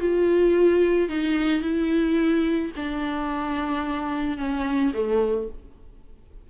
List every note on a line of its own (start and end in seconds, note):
0.00 1.09 F4
1.09 1.62 D#4
1.62 2.72 E4
2.76 4.38 D4
4.38 4.93 C#4
4.94 5.48 A3